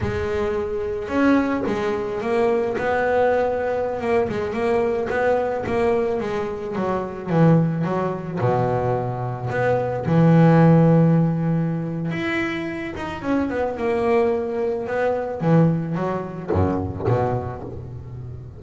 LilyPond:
\new Staff \with { instrumentName = "double bass" } { \time 4/4 \tempo 4 = 109 gis2 cis'4 gis4 | ais4 b2~ b16 ais8 gis16~ | gis16 ais4 b4 ais4 gis8.~ | gis16 fis4 e4 fis4 b,8.~ |
b,4~ b,16 b4 e4.~ e16~ | e2 e'4. dis'8 | cis'8 b8 ais2 b4 | e4 fis4 fis,4 b,4 | }